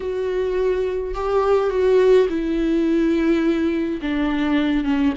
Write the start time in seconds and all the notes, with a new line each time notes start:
0.00 F#4
1.14 G4
1.70 F#4
2.29 E4
4.01 D4
4.84 C#4